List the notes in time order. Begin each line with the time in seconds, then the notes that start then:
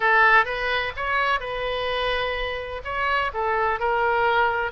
0.00 A4
0.45 B4
0.96 C#5
1.40 B4
2.84 C#5
3.33 A4
3.79 A#4